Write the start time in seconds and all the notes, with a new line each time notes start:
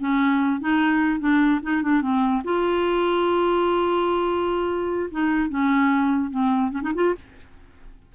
0.00 C#4
0.61 D#4
1.20 D4
1.63 D#4
1.83 D4
2.02 C4
2.45 F4
5.11 D#4
5.50 C#4
6.31 C4
6.72 C#4
6.83 D#4
6.95 F4